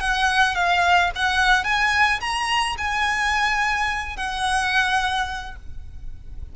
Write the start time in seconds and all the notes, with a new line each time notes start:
0.00 F#5
0.55 F5
1.15 F#5
1.64 G#5
2.20 A#5
2.78 G#5
4.16 F#5